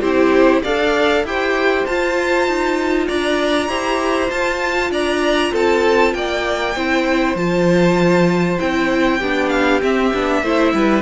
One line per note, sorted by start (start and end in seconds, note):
0.00 0.62 C4
0.00 0.64 E4
0.00 0.61 G4
0.00 0.62 C5
0.62 1.23 D4
0.62 1.26 A4
0.62 1.24 D5
0.62 1.25 F5
1.23 1.84 E4
1.23 1.87 G4
1.23 3.07 C5
1.23 1.86 G5
1.86 2.47 F4
1.86 3.68 F4
1.86 3.08 A5
2.47 3.08 D#4
3.07 3.68 D4
3.07 3.68 D5
3.07 4.30 A#5
3.68 4.29 E4
3.68 4.27 G4
3.68 4.90 C5
4.27 6.72 F4
4.27 4.90 F4
4.27 4.91 A5
4.90 5.51 D4
4.90 5.52 D5
4.90 5.54 A#5
5.52 6.14 C4
5.52 6.13 A4
5.52 6.13 A5
6.13 6.75 A#3
6.13 6.75 D5
6.13 7.36 G5
6.75 7.35 C4
6.75 7.36 E4
6.75 9.17 C5
7.35 8.57 F3
7.35 8.59 F4
7.35 8.58 A5
8.59 9.21 C4
8.59 9.20 E4
8.59 9.49 G5
9.17 9.82 B3
9.17 9.81 D4
9.17 10.40 G4
9.49 9.79 F5
9.81 10.12 C4
9.81 11.02 E5
10.13 10.42 B3
10.13 10.44 D4
10.42 10.73 A3
10.42 11.02 E4
10.42 10.73 C5
10.73 11.02 G3
10.73 11.02 B4